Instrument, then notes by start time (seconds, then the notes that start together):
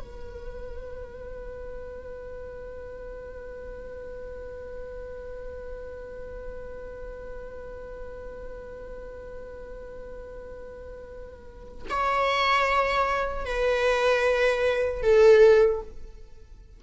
viola
0.00 B4
11.90 C#5
13.45 B4
15.02 A4